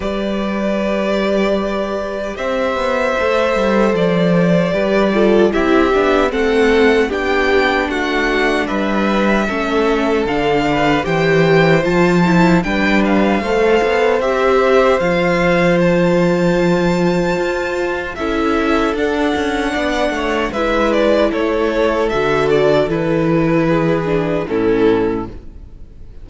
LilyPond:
<<
  \new Staff \with { instrumentName = "violin" } { \time 4/4 \tempo 4 = 76 d''2. e''4~ | e''4 d''2 e''4 | fis''4 g''4 fis''4 e''4~ | e''4 f''4 g''4 a''4 |
g''8 f''4. e''4 f''4 | a''2. e''4 | fis''2 e''8 d''8 cis''4 | e''8 d''8 b'2 a'4 | }
  \new Staff \with { instrumentName = "violin" } { \time 4/4 b'2. c''4~ | c''2 b'8 a'8 g'4 | a'4 g'4 fis'4 b'4 | a'4. b'8 c''2 |
b'4 c''2.~ | c''2. a'4~ | a'4 d''8 cis''8 b'4 a'4~ | a'2 gis'4 e'4 | }
  \new Staff \with { instrumentName = "viola" } { \time 4/4 g'1 | a'2 g'8 f'8 e'8 d'8 | c'4 d'2. | cis'4 d'4 g'4 f'8 e'8 |
d'4 a'4 g'4 f'4~ | f'2. e'4 | d'2 e'2 | fis'4 e'4. d'8 cis'4 | }
  \new Staff \with { instrumentName = "cello" } { \time 4/4 g2. c'8 b8 | a8 g8 f4 g4 c'8 b8 | a4 b4 a4 g4 | a4 d4 e4 f4 |
g4 a8 b8 c'4 f4~ | f2 f'4 cis'4 | d'8 cis'8 b8 a8 gis4 a4 | d4 e2 a,4 | }
>>